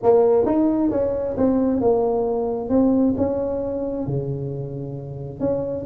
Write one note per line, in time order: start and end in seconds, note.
0.02 0.45 A#3
0.45 0.90 D#4
0.90 1.36 C#4
1.37 1.80 C4
1.80 2.69 A#3
2.69 3.14 C4
3.17 4.06 C#4
4.06 5.40 C#3
5.40 5.85 C#4